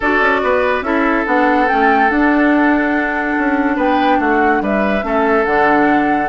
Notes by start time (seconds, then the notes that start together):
0.00 D4 F#4 A4 D5
0.20 C#4
0.43 B3 B4
0.81 C#4 E4 A4 E5
1.25 B3 D4 F#5
1.68 A3 C#4 G5
2.09 D4 F#5
3.38 C#4
3.76 B3 B4 G5
4.19 A3 F#4 F#5
4.61 G3 B4 E5
5.02 A3 C#4 A4
5.45 D3 D4 F#5